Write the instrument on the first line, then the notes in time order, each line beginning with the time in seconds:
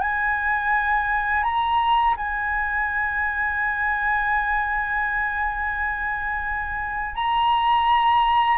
flute
0.00 G#5
1.43 A#5
2.17 G#5
7.15 A#5